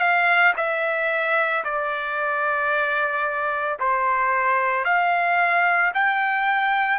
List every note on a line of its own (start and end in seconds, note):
0.00 0.54 F5
0.56 1.64 E5
1.64 3.78 D5
3.79 4.85 C5
4.85 5.92 F5
5.94 6.99 G5